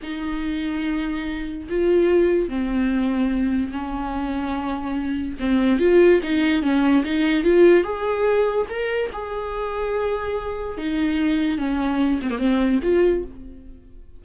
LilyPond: \new Staff \with { instrumentName = "viola" } { \time 4/4 \tempo 4 = 145 dis'1 | f'2 c'2~ | c'4 cis'2.~ | cis'4 c'4 f'4 dis'4 |
cis'4 dis'4 f'4 gis'4~ | gis'4 ais'4 gis'2~ | gis'2 dis'2 | cis'4. c'16 ais16 c'4 f'4 | }